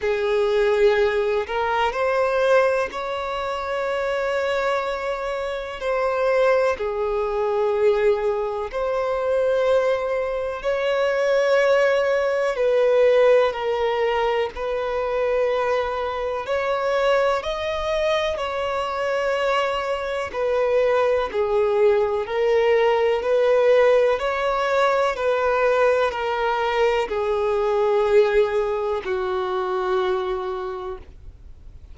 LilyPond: \new Staff \with { instrumentName = "violin" } { \time 4/4 \tempo 4 = 62 gis'4. ais'8 c''4 cis''4~ | cis''2 c''4 gis'4~ | gis'4 c''2 cis''4~ | cis''4 b'4 ais'4 b'4~ |
b'4 cis''4 dis''4 cis''4~ | cis''4 b'4 gis'4 ais'4 | b'4 cis''4 b'4 ais'4 | gis'2 fis'2 | }